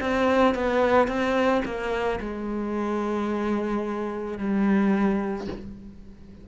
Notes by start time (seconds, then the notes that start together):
0.00 C4
0.55 B3
1.07 C4
1.65 A#3
2.20 G#3
4.38 G3